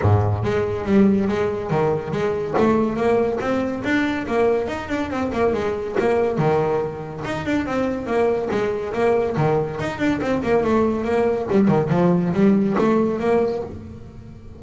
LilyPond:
\new Staff \with { instrumentName = "double bass" } { \time 4/4 \tempo 4 = 141 gis,4 gis4 g4 gis4 | dis4 gis4 a4 ais4 | c'4 d'4 ais4 dis'8 d'8 | c'8 ais8 gis4 ais4 dis4~ |
dis4 dis'8 d'8 c'4 ais4 | gis4 ais4 dis4 dis'8 d'8 | c'8 ais8 a4 ais4 g8 dis8 | f4 g4 a4 ais4 | }